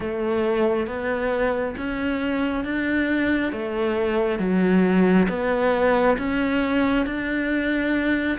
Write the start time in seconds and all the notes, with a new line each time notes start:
0.00 A3
0.87 B3
1.76 C#4
2.64 D4
3.52 A3
4.39 F#3
5.29 B3
6.18 C#4
7.06 D4